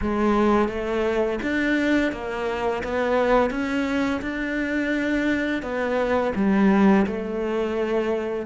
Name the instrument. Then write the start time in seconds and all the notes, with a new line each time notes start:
cello
0.01 G#3
0.68 A3
1.42 D4
2.12 A#3
2.83 B3
3.50 C#4
4.21 D4
5.62 B3
6.35 G3
7.06 A3